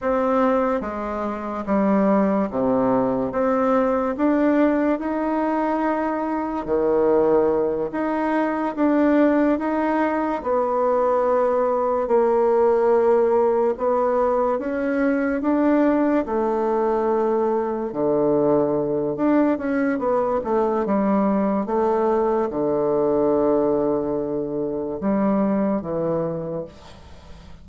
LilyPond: \new Staff \with { instrumentName = "bassoon" } { \time 4/4 \tempo 4 = 72 c'4 gis4 g4 c4 | c'4 d'4 dis'2 | dis4. dis'4 d'4 dis'8~ | dis'8 b2 ais4.~ |
ais8 b4 cis'4 d'4 a8~ | a4. d4. d'8 cis'8 | b8 a8 g4 a4 d4~ | d2 g4 e4 | }